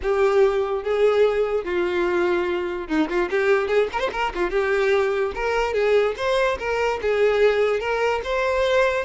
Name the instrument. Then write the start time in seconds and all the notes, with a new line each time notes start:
violin
0.02 G4
0.83 G#4
1.64 F4
2.87 D#4
3.08 F4
3.30 G4
3.67 G#4
3.92 A#4
4.00 C5
4.12 A#4
4.34 F4
4.50 G4
5.34 A#4
5.73 G#4
6.16 C5
6.58 A#4
7.01 G#4
7.80 A#4
8.24 C5